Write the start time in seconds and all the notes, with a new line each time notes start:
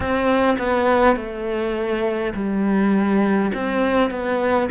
0.00 C4
0.58 B3
1.16 A3
2.34 G3
3.53 C4
4.10 B3